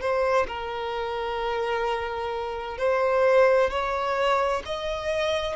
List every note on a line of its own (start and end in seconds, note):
0.00 0.46 C5
0.47 2.78 A#4
2.78 3.70 C5
3.70 4.62 C#5
4.65 5.56 D#5